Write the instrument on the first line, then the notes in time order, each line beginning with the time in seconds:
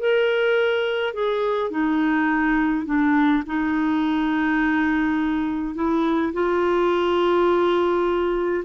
clarinet
0.00 A#4
1.14 G#4
1.71 D#4
2.86 D4
3.47 D#4
5.75 E4
6.34 F4